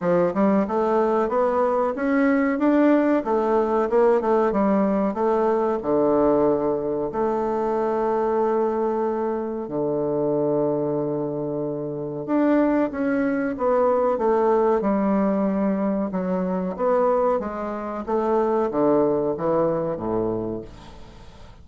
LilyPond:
\new Staff \with { instrumentName = "bassoon" } { \time 4/4 \tempo 4 = 93 f8 g8 a4 b4 cis'4 | d'4 a4 ais8 a8 g4 | a4 d2 a4~ | a2. d4~ |
d2. d'4 | cis'4 b4 a4 g4~ | g4 fis4 b4 gis4 | a4 d4 e4 a,4 | }